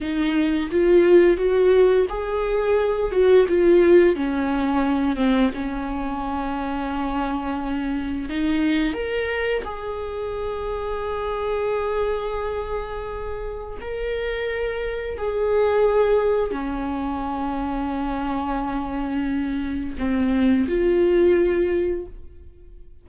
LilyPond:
\new Staff \with { instrumentName = "viola" } { \time 4/4 \tempo 4 = 87 dis'4 f'4 fis'4 gis'4~ | gis'8 fis'8 f'4 cis'4. c'8 | cis'1 | dis'4 ais'4 gis'2~ |
gis'1 | ais'2 gis'2 | cis'1~ | cis'4 c'4 f'2 | }